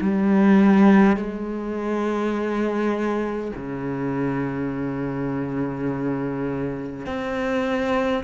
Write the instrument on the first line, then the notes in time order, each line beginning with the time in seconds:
cello
0.00 G3
1.16 G#3
3.56 C#3
7.05 C4